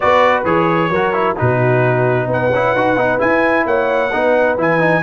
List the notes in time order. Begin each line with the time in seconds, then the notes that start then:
0.00 B3 F#4 B4 D5
0.44 E3 G#4 C#5
0.89 F#3 F#4 A#4
1.13 E4
1.36 B2 D#4 F#4 B4
2.27 B3 B4 F#5
2.50 C#4 E4
2.75 D#4 F#4
2.96 B3 D#4
3.19 E4 G#5
3.65 A#3 C#5 F#5
4.12 B3 D#4 B4
4.57 E3 E4 G#5
4.79 D#4